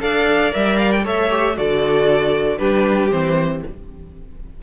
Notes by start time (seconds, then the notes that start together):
0.00 D4 A4 D5 F5
0.51 G3 A#4 E5
0.79 F5
0.92 G5
1.04 A3 A4 C#5 E5
1.30 G4
1.56 D3 F#4 A4 D5
2.58 G3 D4 G4 B4
3.11 E3 C4 C5